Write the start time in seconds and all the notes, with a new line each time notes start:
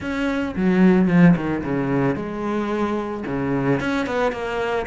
0.00 C#4
0.56 F#3
1.08 F3
1.36 D#3
1.63 C#3
2.15 G#3
3.26 C#3
3.80 C#4
4.06 B3
4.31 A#3